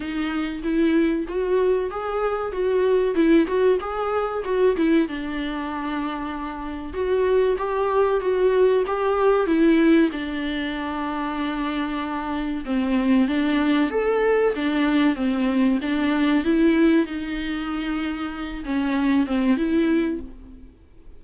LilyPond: \new Staff \with { instrumentName = "viola" } { \time 4/4 \tempo 4 = 95 dis'4 e'4 fis'4 gis'4 | fis'4 e'8 fis'8 gis'4 fis'8 e'8 | d'2. fis'4 | g'4 fis'4 g'4 e'4 |
d'1 | c'4 d'4 a'4 d'4 | c'4 d'4 e'4 dis'4~ | dis'4. cis'4 c'8 e'4 | }